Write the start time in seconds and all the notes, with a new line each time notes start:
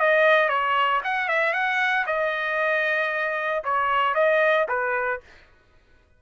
0.00 D#5
0.49 C#5
1.04 F#5
1.29 E5
1.53 F#5
2.07 D#5
3.64 C#5
4.15 D#5
4.69 B4